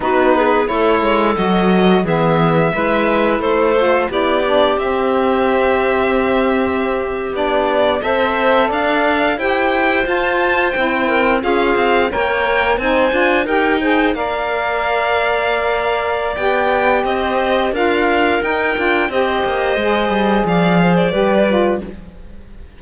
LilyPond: <<
  \new Staff \with { instrumentName = "violin" } { \time 4/4 \tempo 4 = 88 b'4 cis''4 dis''4 e''4~ | e''4 c''4 d''4 e''4~ | e''2~ e''8. d''4 e''16~ | e''8. f''4 g''4 a''4 g''16~ |
g''8. f''4 g''4 gis''4 g''16~ | g''8. f''2.~ f''16 | g''4 dis''4 f''4 g''4 | dis''2 f''8. d''4~ d''16 | }
  \new Staff \with { instrumentName = "clarinet" } { \time 4/4 fis'8 gis'8 a'2 gis'4 | b'4 a'4 g'2~ | g'2.~ g'8. c''16~ | c''8. d''4 c''2~ c''16~ |
c''16 ais'8 gis'4 cis''4 c''4 ais'16~ | ais'16 c''8 d''2.~ d''16~ | d''4 c''4 ais'2 | c''2 d''8 c''8 b'4 | }
  \new Staff \with { instrumentName = "saxophone" } { \time 4/4 dis'4 e'4 fis'4 b4 | e'4. f'8 e'8 d'8 c'4~ | c'2~ c'8. d'4 a'16~ | a'4.~ a'16 g'4 f'4 e'16~ |
e'8. f'4 ais'4 dis'8 f'8 g'16~ | g'16 gis'8 ais'2.~ ais'16 | g'2 f'4 dis'8 f'8 | g'4 gis'2 g'8 f'8 | }
  \new Staff \with { instrumentName = "cello" } { \time 4/4 b4 a8 gis8 fis4 e4 | gis4 a4 b4 c'4~ | c'2~ c'8. b4 c'16~ | c'8. d'4 e'4 f'4 c'16~ |
c'8. cis'8 c'8 ais4 c'8 d'8 dis'16~ | dis'8. ais2.~ ais16 | b4 c'4 d'4 dis'8 d'8 | c'8 ais8 gis8 g8 f4 g4 | }
>>